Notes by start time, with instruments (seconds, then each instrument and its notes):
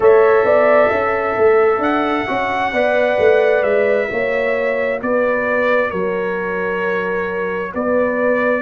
0.00 tuba A3, trombone A4, horn C#5, trumpet E5
0.44 tuba B3, horn D5
0.89 tuba C#4, horn E5
1.37 tuba A3
1.78 tuba D4, trumpet F#5
2.27 tuba C#4, trombone F#4
2.72 tuba B3, trombone B4, horn D5
3.19 tuba A3
3.62 tuba G#3, trumpet E5
4.09 tuba A#3, trombone F#4, horn C#5
5.01 tuba B3, horn B4, trumpet D5
5.90 tuba F#3, horn A#4, trumpet C#5
7.73 tuba B3, horn B4, trumpet D5